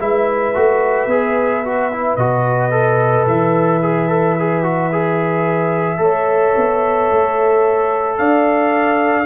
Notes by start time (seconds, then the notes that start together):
0.00 G#3 E4 B4 E5
0.55 A3 F#4
1.07 B3 G#4
1.65 F#4
1.92 E4
2.16 B2 F#4 D#5
2.71 A4
3.27 E3 E5
3.83 G#4
4.09 A4
4.39 G#4
4.63 F#4
4.93 G#4
5.98 A3 A4 C#5
6.56 B3
7.12 A3
8.18 D4 D5 F5